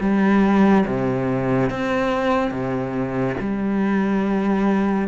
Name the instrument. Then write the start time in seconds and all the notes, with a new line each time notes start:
cello
0.00 G3
0.86 C3
1.70 C4
2.51 C3
3.40 G3